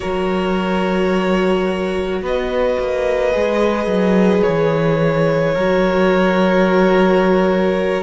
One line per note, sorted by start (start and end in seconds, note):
0.00 2.21 F#3
0.00 3.32 F#4
0.00 2.21 A#4
0.00 2.22 C#5
2.21 2.77 B3
2.21 5.54 B4
2.21 4.43 D#5
2.79 3.34 A#3
3.32 3.86 G#3
3.32 5.54 G#4
3.86 4.41 F#3
4.43 5.56 E3
4.43 8.03 C#5
5.54 8.03 F#3
5.54 8.03 F#4
5.54 8.03 A#4